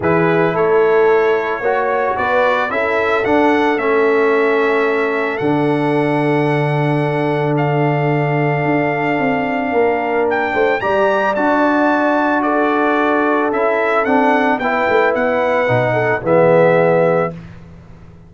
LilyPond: <<
  \new Staff \with { instrumentName = "trumpet" } { \time 4/4 \tempo 4 = 111 b'4 cis''2. | d''4 e''4 fis''4 e''4~ | e''2 fis''2~ | fis''2 f''2~ |
f''2. g''4 | ais''4 a''2 d''4~ | d''4 e''4 fis''4 g''4 | fis''2 e''2 | }
  \new Staff \with { instrumentName = "horn" } { \time 4/4 gis'4 a'2 cis''4 | b'4 a'2.~ | a'1~ | a'1~ |
a'2 ais'4. c''8 | d''2. a'4~ | a'2. b'4~ | b'4. a'8 gis'2 | }
  \new Staff \with { instrumentName = "trombone" } { \time 4/4 e'2. fis'4~ | fis'4 e'4 d'4 cis'4~ | cis'2 d'2~ | d'1~ |
d'1 | g'4 fis'2.~ | fis'4 e'4 d'4 e'4~ | e'4 dis'4 b2 | }
  \new Staff \with { instrumentName = "tuba" } { \time 4/4 e4 a2 ais4 | b4 cis'4 d'4 a4~ | a2 d2~ | d1 |
d'4 c'4 ais4. a8 | g4 d'2.~ | d'4 cis'4 c'4 b8 a8 | b4 b,4 e2 | }
>>